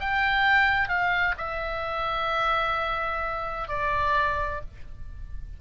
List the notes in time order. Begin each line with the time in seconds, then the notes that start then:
0.00 G5
0.89 F5
1.38 E5
3.68 D5